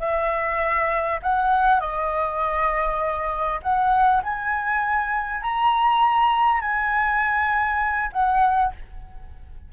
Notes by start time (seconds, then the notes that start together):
0.00 E5
1.23 F#5
1.80 D#5
3.63 F#5
4.23 G#5
5.42 A#5
6.61 G#5
8.13 F#5